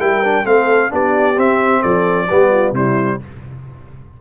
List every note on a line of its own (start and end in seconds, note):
0.00 0.45 G3
0.00 0.23 E4
0.00 0.45 A#4
0.00 0.46 G5
0.24 0.45 D4
0.45 0.90 A3
0.45 0.90 C4
0.45 0.92 A4
0.45 0.92 F5
0.90 1.38 B3
0.90 1.36 D4
0.90 1.82 G4
0.90 1.40 D5
1.37 2.28 C4
1.37 1.84 C4
1.37 1.83 E5
1.82 2.30 F3
1.82 2.27 A4
1.82 2.74 D5
2.28 2.72 G3
2.28 2.75 B3
2.28 2.50 G4
2.51 2.74 F4
2.72 3.18 C3
2.72 3.20 G3
2.72 3.20 E4
2.72 3.21 C5